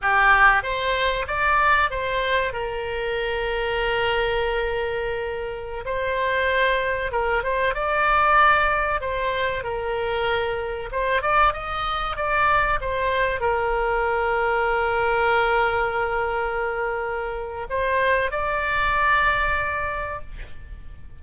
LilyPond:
\new Staff \with { instrumentName = "oboe" } { \time 4/4 \tempo 4 = 95 g'4 c''4 d''4 c''4 | ais'1~ | ais'4~ ais'16 c''2 ais'8 c''16~ | c''16 d''2 c''4 ais'8.~ |
ais'4~ ais'16 c''8 d''8 dis''4 d''8.~ | d''16 c''4 ais'2~ ais'8.~ | ais'1 | c''4 d''2. | }